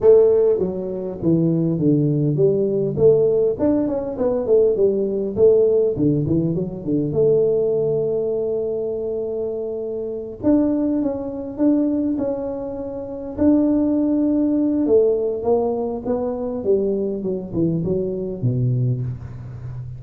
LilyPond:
\new Staff \with { instrumentName = "tuba" } { \time 4/4 \tempo 4 = 101 a4 fis4 e4 d4 | g4 a4 d'8 cis'8 b8 a8 | g4 a4 d8 e8 fis8 d8 | a1~ |
a4. d'4 cis'4 d'8~ | d'8 cis'2 d'4.~ | d'4 a4 ais4 b4 | g4 fis8 e8 fis4 b,4 | }